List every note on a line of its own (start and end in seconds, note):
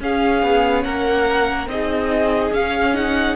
0.00 1.69 C#4
0.00 0.43 C#4
0.00 0.85 G#4
0.00 0.84 F5
0.43 0.85 B3
0.84 1.67 A#3
0.84 1.70 A#4
0.84 1.68 F#5
1.67 2.52 C4
1.67 2.53 D#4
1.67 3.36 G#4
1.67 2.54 D#5
2.52 3.36 C#4
2.52 2.95 C#4
2.52 2.96 F5
2.95 3.36 D#4
2.95 3.36 F#5